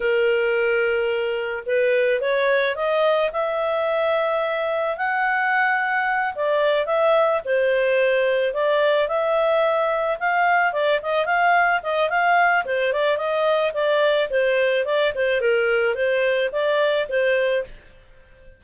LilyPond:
\new Staff \with { instrumentName = "clarinet" } { \time 4/4 \tempo 4 = 109 ais'2. b'4 | cis''4 dis''4 e''2~ | e''4 fis''2~ fis''8 d''8~ | d''8 e''4 c''2 d''8~ |
d''8 e''2 f''4 d''8 | dis''8 f''4 dis''8 f''4 c''8 d''8 | dis''4 d''4 c''4 d''8 c''8 | ais'4 c''4 d''4 c''4 | }